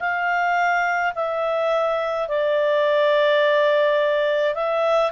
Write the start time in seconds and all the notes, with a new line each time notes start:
0.00 F5
1.15 E5
2.28 D5
4.54 E5